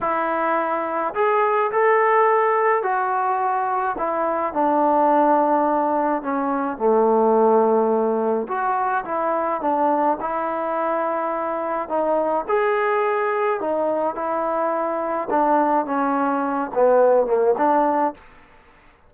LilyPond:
\new Staff \with { instrumentName = "trombone" } { \time 4/4 \tempo 4 = 106 e'2 gis'4 a'4~ | a'4 fis'2 e'4 | d'2. cis'4 | a2. fis'4 |
e'4 d'4 e'2~ | e'4 dis'4 gis'2 | dis'4 e'2 d'4 | cis'4. b4 ais8 d'4 | }